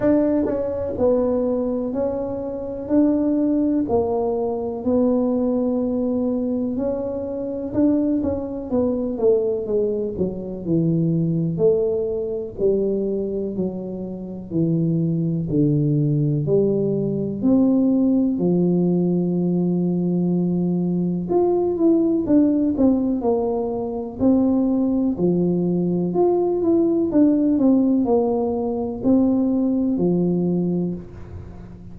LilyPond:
\new Staff \with { instrumentName = "tuba" } { \time 4/4 \tempo 4 = 62 d'8 cis'8 b4 cis'4 d'4 | ais4 b2 cis'4 | d'8 cis'8 b8 a8 gis8 fis8 e4 | a4 g4 fis4 e4 |
d4 g4 c'4 f4~ | f2 f'8 e'8 d'8 c'8 | ais4 c'4 f4 f'8 e'8 | d'8 c'8 ais4 c'4 f4 | }